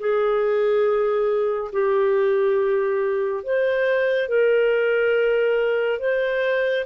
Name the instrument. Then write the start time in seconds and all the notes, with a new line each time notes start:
clarinet
0.00 G#4
1.73 G4
3.44 C5
4.29 A#4
6.00 C5